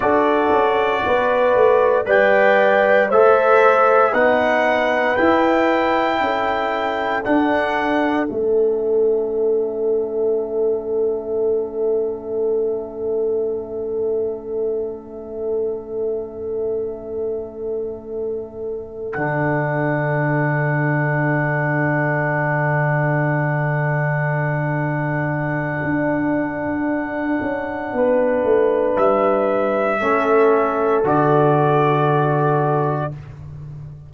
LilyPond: <<
  \new Staff \with { instrumentName = "trumpet" } { \time 4/4 \tempo 4 = 58 d''2 g''4 e''4 | fis''4 g''2 fis''4 | e''1~ | e''1~ |
e''2~ e''8 fis''4.~ | fis''1~ | fis''1 | e''2 d''2 | }
  \new Staff \with { instrumentName = "horn" } { \time 4/4 a'4 b'4 d''4 c''4 | b'2 a'2~ | a'1~ | a'1~ |
a'1~ | a'1~ | a'2. b'4~ | b'4 a'2. | }
  \new Staff \with { instrumentName = "trombone" } { \time 4/4 fis'2 b'4 a'4 | dis'4 e'2 d'4 | cis'1~ | cis'1~ |
cis'2~ cis'8 d'4.~ | d'1~ | d'1~ | d'4 cis'4 fis'2 | }
  \new Staff \with { instrumentName = "tuba" } { \time 4/4 d'8 cis'8 b8 a8 g4 a4 | b4 e'4 cis'4 d'4 | a1~ | a1~ |
a2~ a8 d4.~ | d1~ | d4 d'4. cis'8 b8 a8 | g4 a4 d2 | }
>>